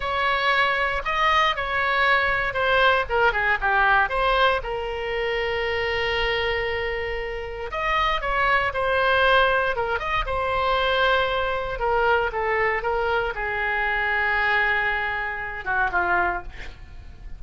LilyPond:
\new Staff \with { instrumentName = "oboe" } { \time 4/4 \tempo 4 = 117 cis''2 dis''4 cis''4~ | cis''4 c''4 ais'8 gis'8 g'4 | c''4 ais'2.~ | ais'2. dis''4 |
cis''4 c''2 ais'8 dis''8 | c''2. ais'4 | a'4 ais'4 gis'2~ | gis'2~ gis'8 fis'8 f'4 | }